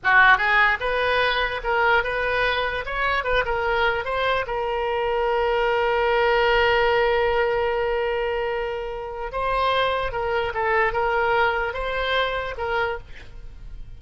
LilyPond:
\new Staff \with { instrumentName = "oboe" } { \time 4/4 \tempo 4 = 148 fis'4 gis'4 b'2 | ais'4 b'2 cis''4 | b'8 ais'4. c''4 ais'4~ | ais'1~ |
ais'1~ | ais'2. c''4~ | c''4 ais'4 a'4 ais'4~ | ais'4 c''2 ais'4 | }